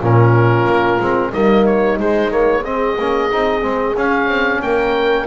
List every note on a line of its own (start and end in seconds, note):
0.00 0.65 A#2
0.00 1.01 C#4
0.00 1.30 F4
0.00 1.33 A#4
0.65 0.98 A#3
1.00 1.33 G#3
1.00 1.33 C4
1.30 2.00 G3
1.30 1.98 A#3
1.30 2.62 D#4
1.30 1.66 D#5
1.66 1.99 C#5
1.98 2.30 G#3
1.98 2.99 G#3
1.98 2.32 C5
2.30 2.63 A#3
2.30 2.65 C#5
2.64 2.97 C4
2.64 4.64 G#4
2.64 3.96 D#5
2.99 3.32 A#3
2.99 3.31 C#4
3.31 3.64 C4
3.31 3.62 D#4
3.62 3.97 G#3
3.62 3.95 C4
3.97 5.27 C#4
3.97 4.28 C#4
3.97 4.62 F5
4.28 4.61 C4
4.62 5.27 A#3
4.62 5.27 A#4
4.62 5.27 G5